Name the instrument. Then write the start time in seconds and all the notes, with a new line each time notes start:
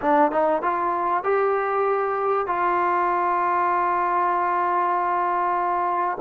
trombone
0.01 D4
0.31 D#4
0.62 F4
1.23 G4
2.47 F4